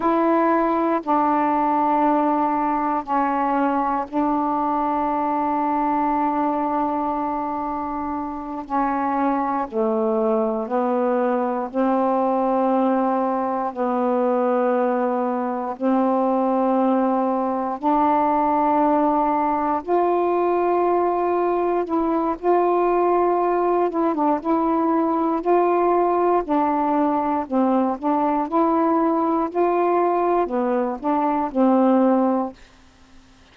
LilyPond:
\new Staff \with { instrumentName = "saxophone" } { \time 4/4 \tempo 4 = 59 e'4 d'2 cis'4 | d'1~ | d'8 cis'4 a4 b4 c'8~ | c'4. b2 c'8~ |
c'4. d'2 f'8~ | f'4. e'8 f'4. e'16 d'16 | e'4 f'4 d'4 c'8 d'8 | e'4 f'4 b8 d'8 c'4 | }